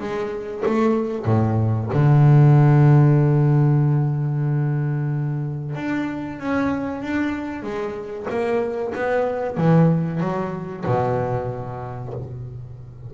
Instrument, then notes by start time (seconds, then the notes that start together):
double bass
0.00 G#3
0.66 A3
1.26 A2
1.93 D3
5.76 D4
6.40 C#4
7.03 D4
7.63 G#3
8.30 A#3
8.95 B3
9.58 E3
10.21 F#3
10.86 B2